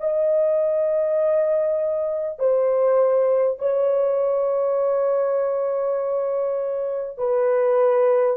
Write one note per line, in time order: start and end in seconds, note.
0.00 2.39 D#5
2.39 3.58 C5
3.58 7.18 C#5
7.18 8.37 B4